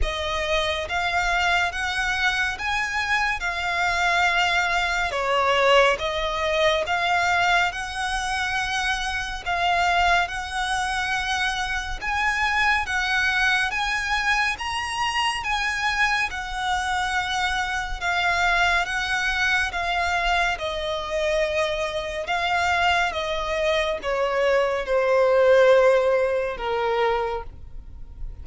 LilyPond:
\new Staff \with { instrumentName = "violin" } { \time 4/4 \tempo 4 = 70 dis''4 f''4 fis''4 gis''4 | f''2 cis''4 dis''4 | f''4 fis''2 f''4 | fis''2 gis''4 fis''4 |
gis''4 ais''4 gis''4 fis''4~ | fis''4 f''4 fis''4 f''4 | dis''2 f''4 dis''4 | cis''4 c''2 ais'4 | }